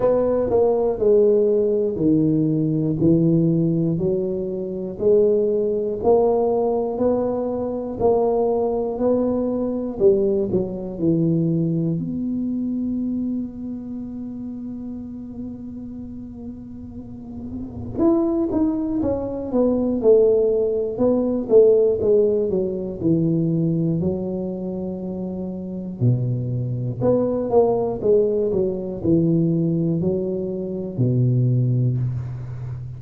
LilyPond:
\new Staff \with { instrumentName = "tuba" } { \time 4/4 \tempo 4 = 60 b8 ais8 gis4 dis4 e4 | fis4 gis4 ais4 b4 | ais4 b4 g8 fis8 e4 | b1~ |
b2 e'8 dis'8 cis'8 b8 | a4 b8 a8 gis8 fis8 e4 | fis2 b,4 b8 ais8 | gis8 fis8 e4 fis4 b,4 | }